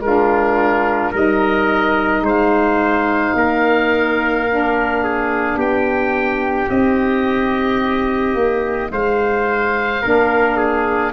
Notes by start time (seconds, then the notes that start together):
0.00 G#3 D4 A#4
0.06 F4
1.11 G3 D#4 A#4 D#5
2.21 G#3 C5
2.28 F5
3.34 A#3 A#4
4.48 D4
5.04 G#4
5.56 B3 G4 G5
6.69 C4 D#4 D#5
8.34 A#3
8.91 G#3 C5 F5
10.01 A#3 D4 A#4
10.57 G#4